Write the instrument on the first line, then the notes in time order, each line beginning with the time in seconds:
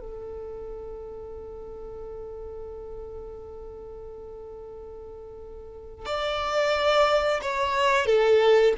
violin
0.00 A4
6.06 D5
7.42 C#5
8.06 A4